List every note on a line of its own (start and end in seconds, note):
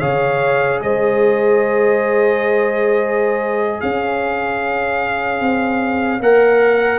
0.00 0.81 C#3
0.00 6.20 G#4
0.00 0.81 C#5
0.00 0.80 F5
0.81 3.81 G#3
0.81 3.81 C5
0.81 3.81 D#5
3.81 5.40 C#4
3.81 6.99 C#5
3.81 6.21 F5
5.40 6.20 C4
6.20 6.99 A#3
6.20 6.99 A#4
6.20 6.99 F#5